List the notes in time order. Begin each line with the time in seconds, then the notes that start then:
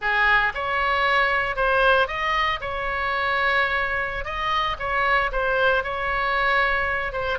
0.01 G#4
0.54 C#5
1.56 C5
2.07 D#5
2.61 C#5
4.24 D#5
4.79 C#5
5.32 C5
5.83 C#5
7.12 C5